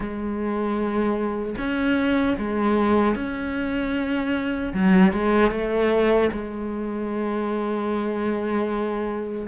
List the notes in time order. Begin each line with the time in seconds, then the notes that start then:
0.00 G#3
1.58 C#4
2.38 G#3
3.15 C#4
4.73 F#3
5.12 G#3
5.51 A3
6.32 G#3